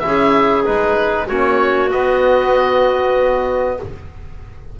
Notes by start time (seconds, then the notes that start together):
0.00 C#4 E4 E5
0.06 G#4
0.65 G#3 D#4 B4
1.27 A#3 C#4 F#4 C#5
1.91 B3 D#5